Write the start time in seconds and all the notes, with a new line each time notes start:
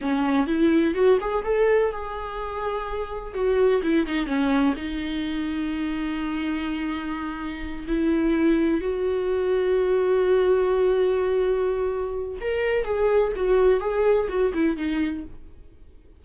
0.01 C#4
0.47 E4
0.94 F#4
1.21 G#4
1.44 A4
1.92 G#4
3.33 F#4
3.82 E4
4.06 D#4
4.26 C#4
4.76 D#4
7.87 E4
8.81 F#4
12.40 A#4
12.84 G#4
13.36 F#4
13.80 G#4
14.28 F#4
14.53 E4
14.76 D#4